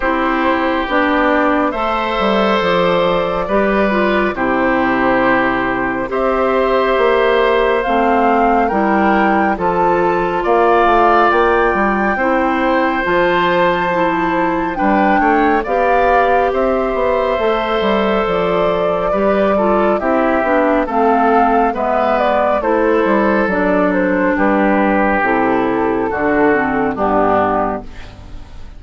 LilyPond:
<<
  \new Staff \with { instrumentName = "flute" } { \time 4/4 \tempo 4 = 69 c''4 d''4 e''4 d''4~ | d''4 c''2 e''4~ | e''4 f''4 g''4 a''4 | f''4 g''2 a''4~ |
a''4 g''4 f''4 e''4~ | e''4 d''2 e''4 | f''4 e''8 d''8 c''4 d''8 c''8 | b'4 a'2 g'4 | }
  \new Staff \with { instrumentName = "oboe" } { \time 4/4 g'2 c''2 | b'4 g'2 c''4~ | c''2 ais'4 a'4 | d''2 c''2~ |
c''4 b'8 cis''8 d''4 c''4~ | c''2 b'8 a'8 g'4 | a'4 b'4 a'2 | g'2 fis'4 d'4 | }
  \new Staff \with { instrumentName = "clarinet" } { \time 4/4 e'4 d'4 a'2 | g'8 f'8 e'2 g'4~ | g'4 c'4 e'4 f'4~ | f'2 e'4 f'4 |
e'4 d'4 g'2 | a'2 g'8 f'8 e'8 d'8 | c'4 b4 e'4 d'4~ | d'4 e'4 d'8 c'8 b4 | }
  \new Staff \with { instrumentName = "bassoon" } { \time 4/4 c'4 b4 a8 g8 f4 | g4 c2 c'4 | ais4 a4 g4 f4 | ais8 a8 ais8 g8 c'4 f4~ |
f4 g8 a8 b4 c'8 b8 | a8 g8 f4 g4 c'8 b8 | a4 gis4 a8 g8 fis4 | g4 c4 d4 g,4 | }
>>